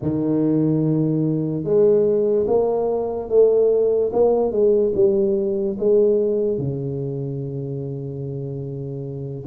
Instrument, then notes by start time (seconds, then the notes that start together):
tuba
0.01 D#3
1.64 G#3
2.47 A#3
3.29 A3
4.12 A#3
4.51 G#3
4.95 G3
5.79 G#3
6.58 C#3